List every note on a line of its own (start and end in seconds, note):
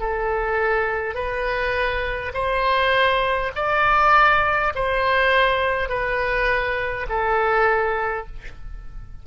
0.00 1.14 A4
1.14 2.32 B4
2.34 3.51 C5
3.56 4.73 D5
4.75 5.89 C5
5.89 7.06 B4
7.09 8.27 A4